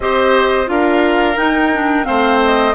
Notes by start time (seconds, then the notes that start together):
0.00 C4 G4 C5 D#5
0.66 D4 F4 A#4 F5
1.37 D#4 G5
1.73 D4
2.04 A3 C4 C5 F5
2.44 D#5